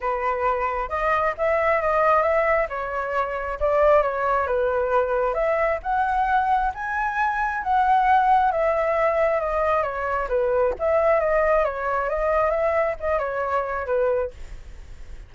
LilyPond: \new Staff \with { instrumentName = "flute" } { \time 4/4 \tempo 4 = 134 b'2 dis''4 e''4 | dis''4 e''4 cis''2 | d''4 cis''4 b'2 | e''4 fis''2 gis''4~ |
gis''4 fis''2 e''4~ | e''4 dis''4 cis''4 b'4 | e''4 dis''4 cis''4 dis''4 | e''4 dis''8 cis''4. b'4 | }